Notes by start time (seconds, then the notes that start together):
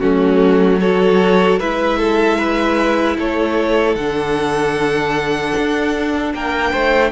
0.00 F#3 A3 C#4 F#4
0.80 F#4 A4 C#5
1.59 G#3 E4 B4 E5
1.99 A4
2.38 B4
3.18 A3 A4 C#5
3.96 D3 D4 F#5
5.58 D4
6.34 A#3 A#4 G5
6.71 A3 C5